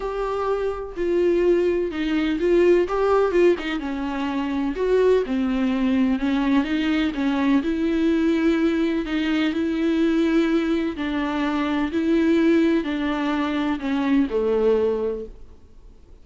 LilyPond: \new Staff \with { instrumentName = "viola" } { \time 4/4 \tempo 4 = 126 g'2 f'2 | dis'4 f'4 g'4 f'8 dis'8 | cis'2 fis'4 c'4~ | c'4 cis'4 dis'4 cis'4 |
e'2. dis'4 | e'2. d'4~ | d'4 e'2 d'4~ | d'4 cis'4 a2 | }